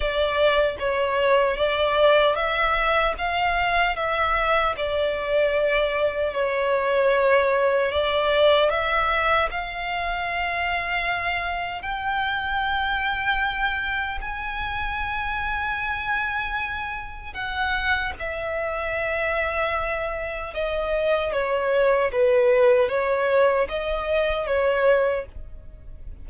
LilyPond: \new Staff \with { instrumentName = "violin" } { \time 4/4 \tempo 4 = 76 d''4 cis''4 d''4 e''4 | f''4 e''4 d''2 | cis''2 d''4 e''4 | f''2. g''4~ |
g''2 gis''2~ | gis''2 fis''4 e''4~ | e''2 dis''4 cis''4 | b'4 cis''4 dis''4 cis''4 | }